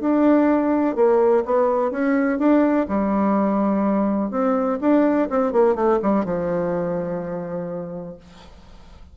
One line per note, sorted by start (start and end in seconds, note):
0.00 0.96 D4
0.96 1.44 A#3
1.45 1.91 B3
1.91 2.39 C#4
2.39 2.87 D4
2.88 4.31 G3
4.31 4.79 C4
4.81 5.29 D4
5.30 5.52 C4
5.52 5.75 A#3
5.75 5.99 A3
6.03 6.25 G3
6.25 8.17 F3